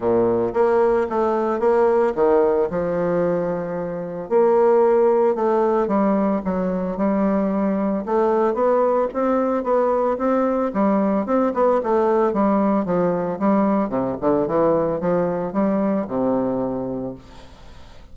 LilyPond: \new Staff \with { instrumentName = "bassoon" } { \time 4/4 \tempo 4 = 112 ais,4 ais4 a4 ais4 | dis4 f2. | ais2 a4 g4 | fis4 g2 a4 |
b4 c'4 b4 c'4 | g4 c'8 b8 a4 g4 | f4 g4 c8 d8 e4 | f4 g4 c2 | }